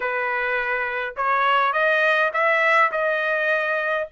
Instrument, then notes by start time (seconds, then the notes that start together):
trumpet
0.00 B4
1.16 C#5
1.73 D#5
2.33 E5
2.91 D#5